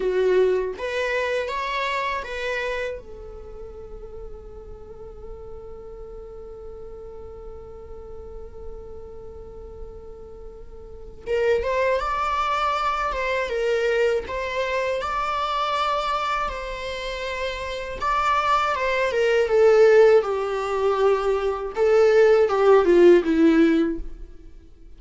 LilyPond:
\new Staff \with { instrumentName = "viola" } { \time 4/4 \tempo 4 = 80 fis'4 b'4 cis''4 b'4 | a'1~ | a'1~ | a'2. ais'8 c''8 |
d''4. c''8 ais'4 c''4 | d''2 c''2 | d''4 c''8 ais'8 a'4 g'4~ | g'4 a'4 g'8 f'8 e'4 | }